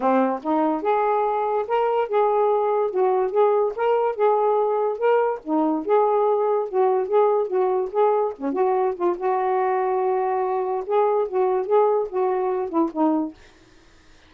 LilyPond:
\new Staff \with { instrumentName = "saxophone" } { \time 4/4 \tempo 4 = 144 c'4 dis'4 gis'2 | ais'4 gis'2 fis'4 | gis'4 ais'4 gis'2 | ais'4 dis'4 gis'2 |
fis'4 gis'4 fis'4 gis'4 | cis'8 fis'4 f'8 fis'2~ | fis'2 gis'4 fis'4 | gis'4 fis'4. e'8 dis'4 | }